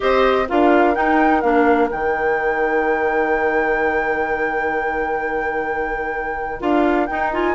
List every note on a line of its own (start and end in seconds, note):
0.00 0.49 C4
0.00 0.45 G4
0.00 0.47 C5
0.00 0.48 D#5
0.47 0.96 D4
0.47 0.95 F4
0.47 7.54 A#4
0.47 0.94 F5
0.94 1.42 D#4
0.94 1.43 D#4
0.94 1.41 G5
1.41 1.90 A#3
1.41 1.89 D4
1.41 1.88 F5
1.89 6.61 D#3
1.89 6.60 D#4
1.89 6.61 G5
6.60 7.08 D4
6.60 7.07 F4
6.60 7.06 F5
7.06 7.54 D#4
7.06 7.33 D#4
7.06 7.30 G5
7.33 7.54 F4
7.33 7.54 G#5